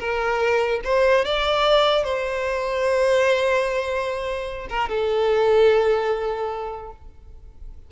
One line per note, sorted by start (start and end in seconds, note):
0.00 0.81 A#4
0.85 1.25 C5
1.26 2.04 D5
2.04 4.68 C5
4.70 4.89 A#4
4.89 6.92 A4